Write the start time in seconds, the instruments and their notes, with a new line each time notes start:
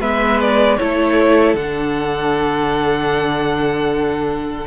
0.00 cello G#3, viola B3, violin B4 E5
0.40 violin D5
0.77 cello A3, viola E4, violin A4 C#5
1.54 cello D3, viola D4, violin F#5